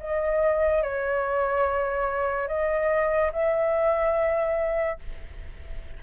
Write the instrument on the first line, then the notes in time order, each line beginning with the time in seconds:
flute
0.00 D#5
0.83 C#5
2.48 D#5
3.33 E5